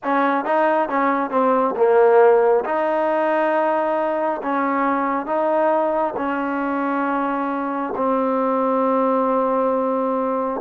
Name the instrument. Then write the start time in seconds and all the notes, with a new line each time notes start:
trombone
0.03 C#4
0.45 D#4
0.88 C#4
1.30 C4
1.76 A#3
2.65 D#4
4.42 C#4
5.25 D#4
6.16 C#4
7.96 C4